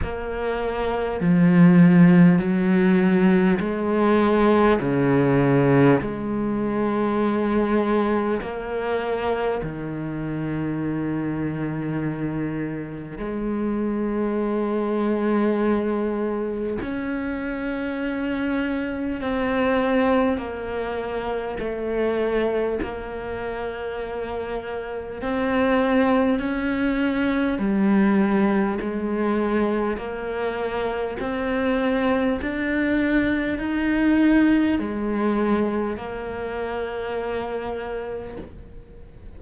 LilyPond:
\new Staff \with { instrumentName = "cello" } { \time 4/4 \tempo 4 = 50 ais4 f4 fis4 gis4 | cis4 gis2 ais4 | dis2. gis4~ | gis2 cis'2 |
c'4 ais4 a4 ais4~ | ais4 c'4 cis'4 g4 | gis4 ais4 c'4 d'4 | dis'4 gis4 ais2 | }